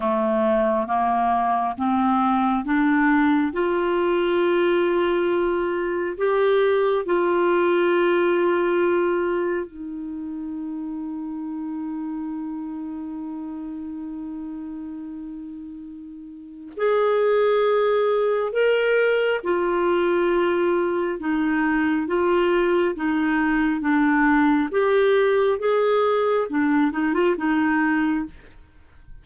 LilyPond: \new Staff \with { instrumentName = "clarinet" } { \time 4/4 \tempo 4 = 68 a4 ais4 c'4 d'4 | f'2. g'4 | f'2. dis'4~ | dis'1~ |
dis'2. gis'4~ | gis'4 ais'4 f'2 | dis'4 f'4 dis'4 d'4 | g'4 gis'4 d'8 dis'16 f'16 dis'4 | }